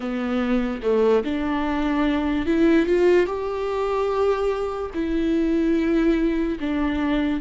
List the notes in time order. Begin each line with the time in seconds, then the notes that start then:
0.00 B3
0.82 A3
1.24 D4
2.46 E4
2.85 F4
3.26 G4
4.94 E4
6.59 D4